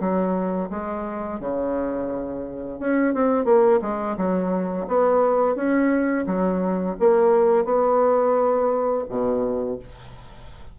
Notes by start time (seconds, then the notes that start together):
0.00 F#3
0.70 G#3
1.40 C#3
2.80 C#4
3.14 C4
3.45 A#3
3.82 G#3
4.17 F#3
4.88 B3
5.56 C#4
6.27 F#3
7.00 A#3
7.65 B3
9.09 B2